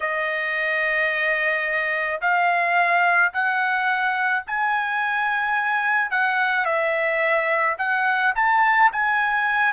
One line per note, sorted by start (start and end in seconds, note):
0.00 2.20 D#5
2.21 3.32 F5
3.33 4.44 F#5
4.46 6.11 G#5
6.11 6.65 F#5
6.65 7.76 E5
7.78 8.33 F#5
8.35 8.90 A5
8.92 9.72 G#5